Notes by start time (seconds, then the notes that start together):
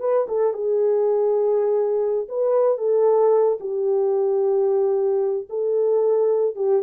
0.00 B4
0.28 A4
0.54 G#4
2.29 B4
2.78 A4
3.61 G4
5.50 A4
6.56 G4